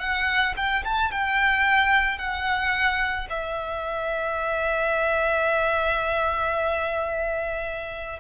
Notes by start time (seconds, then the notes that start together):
0.00 F#5
0.57 G5
0.84 A5
1.12 G5
2.18 F#5
3.30 E5